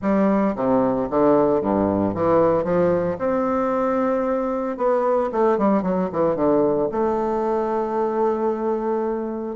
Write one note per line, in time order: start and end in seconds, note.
0.01 0.55 G3
0.55 1.08 C3
1.09 1.61 D3
1.61 2.14 G2
2.14 2.64 E3
2.64 3.17 F3
3.18 4.77 C4
4.77 5.30 B3
5.32 5.58 A3
5.58 5.82 G3
5.82 6.09 F#3
6.12 6.35 E3
6.35 6.89 D3
6.91 9.55 A3